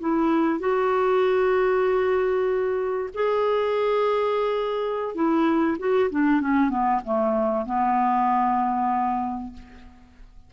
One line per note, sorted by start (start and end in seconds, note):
0.00 0.60 E4
0.60 3.10 F#4
3.14 5.15 G#4
5.15 5.77 E4
5.79 6.10 F#4
6.11 6.41 D4
6.41 6.70 C#4
6.70 7.01 B3
7.04 7.66 A3
7.66 9.53 B3